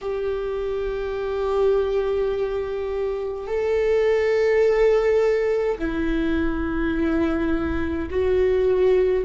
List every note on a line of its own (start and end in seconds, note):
0.01 3.47 G4
3.47 5.77 A4
5.78 8.09 E4
8.10 9.25 F#4